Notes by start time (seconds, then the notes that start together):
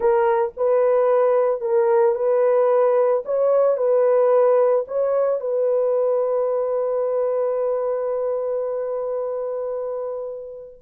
0.00 A#4
0.57 B4
1.61 A#4
2.15 B4
3.25 C#5
3.77 B4
4.87 C#5
5.40 B4